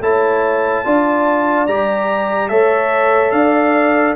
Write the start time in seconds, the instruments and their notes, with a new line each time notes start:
0.00 tuba A3, trombone E4, horn C#5, trumpet A5
0.85 tuba D4, trombone F4, horn D5
1.67 tuba G3, trombone G4, trumpet A#5
2.49 tuba A3, trombone A4, horn C#5, trumpet E5
3.31 tuba D4, horn D5, trumpet F5